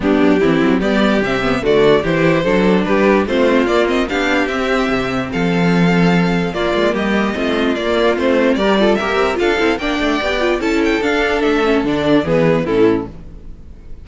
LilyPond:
<<
  \new Staff \with { instrumentName = "violin" } { \time 4/4 \tempo 4 = 147 g'2 d''4 e''4 | d''4 c''2 b'4 | c''4 d''8 dis''8 f''4 e''4~ | e''4 f''2. |
d''4 dis''2 d''4 | c''4 d''4 e''4 f''4 | g''2 a''8 g''8 f''4 | e''4 d''4 b'4 a'4 | }
  \new Staff \with { instrumentName = "violin" } { \time 4/4 d'4 e'4 g'2 | fis'4 g'4 a'4 g'4 | f'2 g'2~ | g'4 a'2. |
f'4 g'4 f'2~ | f'4 ais'8 a'8 ais'4 a'4 | d''2 a'2~ | a'2 gis'4 e'4 | }
  \new Staff \with { instrumentName = "viola" } { \time 4/4 b4 c'4 b4 c'8 b8 | a4 e'4 d'2 | c'4 ais8 c'8 d'4 c'4~ | c'1 |
ais2 c'4 ais4 | c'4 g'8 f'8 g'4 f'8 e'8 | d'4 g'8 f'8 e'4 d'4~ | d'8 cis'8 d'4 b4 cis'4 | }
  \new Staff \with { instrumentName = "cello" } { \time 4/4 g8 fis8 e8 fis8 g4 c4 | d4 e4 fis4 g4 | a4 ais4 b4 c'4 | c4 f2. |
ais8 gis8 g4 a4 ais4 | a4 g4 ais8 c'8 d'8 c'8 | ais8 a8 b4 cis'4 d'4 | a4 d4 e4 a,4 | }
>>